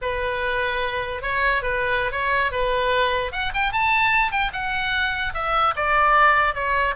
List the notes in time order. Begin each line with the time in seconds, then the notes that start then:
0.01 B4
1.22 C#5
1.62 B4
2.11 C#5
2.51 B4
3.31 F#5
3.53 G5
3.72 A5
4.31 G5
4.52 F#5
5.34 E5
5.75 D5
6.54 C#5